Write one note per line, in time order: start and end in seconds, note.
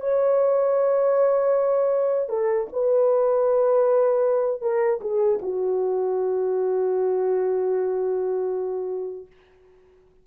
0.00 2.29 C#5
2.29 2.67 A4
2.73 4.61 B4
4.61 5.00 A#4
5.01 5.39 G#4
5.42 9.27 F#4